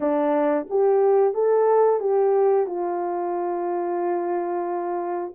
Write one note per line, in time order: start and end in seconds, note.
0.00 0.66 D4
0.69 1.33 G4
1.33 2.00 A4
2.00 2.66 G4
2.66 5.33 F4